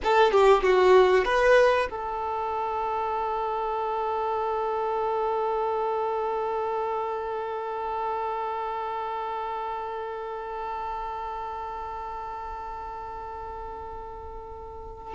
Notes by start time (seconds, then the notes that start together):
0.03 A4
0.31 G4
0.62 F#4
1.25 B4
1.90 A4